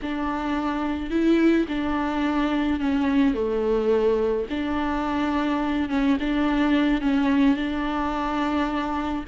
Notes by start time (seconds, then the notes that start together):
0.02 D4
1.10 E4
1.68 D4
2.80 C#4
3.34 A3
4.49 D4
5.89 C#4
6.20 D4
7.01 C#4
7.56 D4